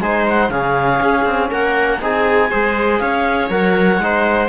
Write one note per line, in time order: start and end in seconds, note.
0.00 0.49 G#3
0.00 0.51 D#4
0.00 0.50 C5
0.00 0.25 G#5
0.29 0.50 F#5
0.49 0.99 C#3
0.49 2.01 C#4
0.49 1.50 G#4
0.49 1.50 F5
1.01 1.25 C#4
1.25 1.50 C4
1.50 2.01 A#3
1.50 2.00 A#4
1.50 2.02 F#5
2.01 2.51 C4
2.01 2.51 D#4
2.01 2.50 G#4
2.01 2.99 G#5
2.50 3.00 G#3
2.50 3.49 G#4
2.50 3.00 C5
2.99 3.49 C#4
2.99 4.01 C#5
2.99 3.49 F5
3.49 3.98 F#3
3.49 3.99 A#4
3.49 4.48 F#5
3.98 4.48 G#3
3.98 4.48 D#4
4.04 4.48 C5